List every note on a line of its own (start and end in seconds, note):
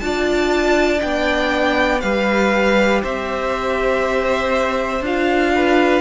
0.00 1.02 D4
0.00 0.99 F4
0.00 2.02 D5
0.00 1.00 A5
0.99 2.03 B3
0.99 1.99 D4
0.99 2.01 G5
2.01 3.03 G3
2.01 5.03 G4
2.01 3.02 B4
2.01 3.01 F5
3.02 5.01 C4
3.02 5.52 C5
3.02 5.05 E5
5.01 6.01 D4
5.01 6.01 F4
5.01 6.01 F5
5.55 6.01 B4